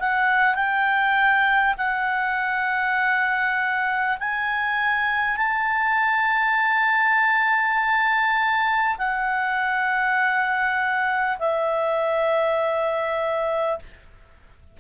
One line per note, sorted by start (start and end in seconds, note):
0.00 0.56 F#5
0.56 1.76 G5
1.78 4.18 F#5
4.20 5.37 G#5
5.37 8.97 A5
8.99 11.39 F#5
11.39 13.79 E5